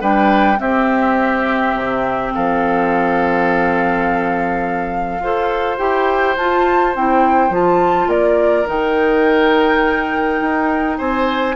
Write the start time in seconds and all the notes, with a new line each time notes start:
0.00 G3 D4 B4 G5
0.57 C4 G4 E5
1.74 C3
2.34 F3 A4 F5
5.19 F4 A4 C5
5.78 E4 G4 G5
6.36 F4 A5
6.95 C4 E4 G5
7.50 F3 F4 A5
8.06 A#3 A#4 D5
8.65 D#3 D#4 G5
10.41 D#4
10.97 C4 C5 G#5